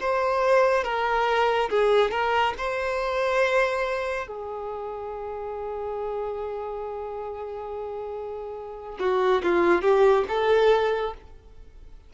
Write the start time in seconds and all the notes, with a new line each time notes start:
0.00 C5
0.83 A#4
1.69 G#4
2.11 A#4
2.58 C5
4.27 G#4
8.99 F#4
9.43 F4
9.81 G4
10.28 A4